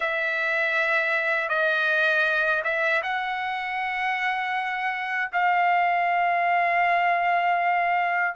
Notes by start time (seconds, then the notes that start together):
0.00 E5
1.48 D#5
2.64 E5
3.02 F#5
5.32 F5